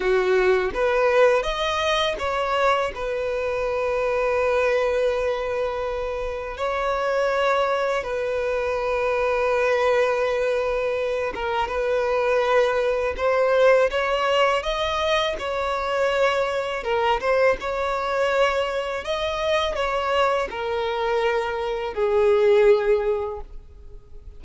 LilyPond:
\new Staff \with { instrumentName = "violin" } { \time 4/4 \tempo 4 = 82 fis'4 b'4 dis''4 cis''4 | b'1~ | b'4 cis''2 b'4~ | b'2.~ b'8 ais'8 |
b'2 c''4 cis''4 | dis''4 cis''2 ais'8 c''8 | cis''2 dis''4 cis''4 | ais'2 gis'2 | }